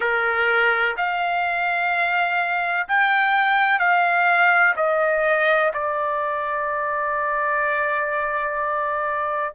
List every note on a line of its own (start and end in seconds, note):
0.00 0.95 A#4
0.96 2.87 F5
2.88 3.79 G5
3.79 4.74 F5
4.76 5.71 D#5
5.73 9.54 D5